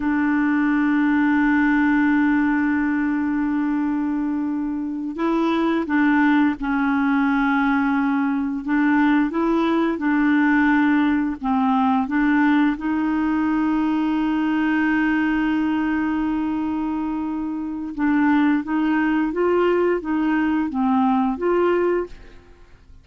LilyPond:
\new Staff \with { instrumentName = "clarinet" } { \time 4/4 \tempo 4 = 87 d'1~ | d'2.~ d'8 e'8~ | e'8 d'4 cis'2~ cis'8~ | cis'8 d'4 e'4 d'4.~ |
d'8 c'4 d'4 dis'4.~ | dis'1~ | dis'2 d'4 dis'4 | f'4 dis'4 c'4 f'4 | }